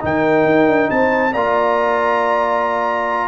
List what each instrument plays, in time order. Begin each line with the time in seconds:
0.00 tuba D#3, trombone D#4, horn A#4, trumpet G5
0.45 tuba D#4
0.67 tuba D4
0.90 tuba C4, horn C5, trumpet A5
1.32 tuba A#3, trombone F4, horn D5, trumpet A#5